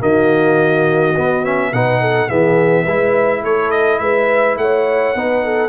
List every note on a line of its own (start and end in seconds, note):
0.00 1.16 D#3
0.00 1.14 A#3
0.00 1.73 F#4
0.00 1.45 D#5
1.16 1.44 B3
1.16 1.73 B3
1.44 1.73 C#4
1.44 1.73 E5
1.73 2.30 B2
1.73 2.30 D#4
1.73 2.01 B4
1.73 2.29 F#5
2.01 2.29 A4
2.29 2.86 E3
2.29 2.87 B3
2.29 2.84 G#4
2.29 3.44 E5
2.84 3.43 G#3
2.84 5.16 E4
2.84 3.41 B4
3.43 4.00 A3
3.43 4.01 A4
3.43 3.71 C#5
3.71 3.99 D#5
3.99 4.57 G#3
3.99 4.59 B4
3.99 4.56 E5
4.57 5.15 A3
4.57 5.17 C#5
4.57 5.69 F#5
5.15 5.69 B3
5.15 5.69 D#4
5.15 5.45 B4
5.45 5.69 A4